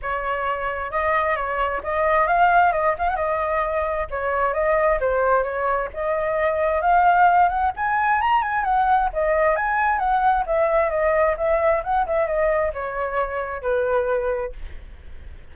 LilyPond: \new Staff \with { instrumentName = "flute" } { \time 4/4 \tempo 4 = 132 cis''2 dis''4 cis''4 | dis''4 f''4 dis''8 f''16 fis''16 dis''4~ | dis''4 cis''4 dis''4 c''4 | cis''4 dis''2 f''4~ |
f''8 fis''8 gis''4 ais''8 gis''8 fis''4 | dis''4 gis''4 fis''4 e''4 | dis''4 e''4 fis''8 e''8 dis''4 | cis''2 b'2 | }